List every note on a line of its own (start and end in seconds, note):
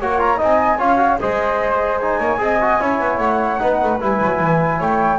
0.00 0.41 A#3
0.00 0.19 F#4
0.00 0.38 C#5
0.00 0.19 F#5
0.19 0.37 F4
0.19 0.39 A#5
0.37 0.79 C4
0.37 0.77 D#4
0.37 0.78 D#5
0.37 0.80 G#5
0.78 1.19 C#4
0.78 0.98 F4
0.78 1.18 C#5
0.78 1.20 F5
0.98 1.18 F#4
1.20 2.20 G#3
1.20 2.01 G#4
1.20 2.19 C5
1.20 1.98 D#5
1.98 2.38 D#4
1.98 3.18 G#5
2.19 2.38 A#3
2.19 2.39 C#5
2.38 2.78 C4
2.38 2.58 G#4
2.38 2.81 D#5
2.61 2.80 F#4
2.79 2.99 C#4
2.79 3.59 E4
2.79 3.61 C#5
3.00 3.18 B3
3.18 3.58 A3
3.18 3.98 F#5
3.59 3.82 B3
3.59 3.99 D#4
3.59 4.79 B4
3.83 4.01 A3
4.00 4.21 G3
4.00 5.19 E4
4.00 4.83 G#5
4.21 4.40 F#3
4.40 4.80 E3
4.79 5.19 A3
4.79 5.19 C#5
4.79 5.19 G5